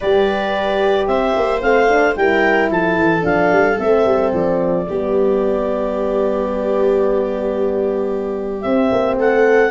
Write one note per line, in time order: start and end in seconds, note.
0.00 1.07 G3
0.00 1.61 G4
0.00 1.07 B4
0.00 1.07 D5
1.07 1.34 C4
1.07 2.18 C5
1.07 1.61 E5
1.36 1.62 A#3
1.61 2.16 A3
1.61 1.88 C4
1.61 2.15 F5
1.88 2.15 D4
2.15 2.70 G3
2.15 3.21 E4
2.15 2.71 A#4
2.15 2.69 G5
2.70 2.97 F3
2.70 4.87 A4
2.70 3.25 A5
2.97 3.24 E3
3.21 3.51 F3
3.21 3.75 D4
3.21 3.78 F5
3.51 3.78 G3
3.78 4.05 A3
3.78 4.86 C4
3.78 4.32 E5
4.05 4.32 G3
4.32 4.87 F3
4.32 8.61 D5
4.88 8.64 G3
4.88 8.66 B3
4.88 9.19 G4
8.61 8.91 C4
8.61 9.71 C4
8.61 9.15 E5
8.91 9.16 A#3
9.16 9.70 A3
9.16 9.71 A4
9.16 9.71 F#5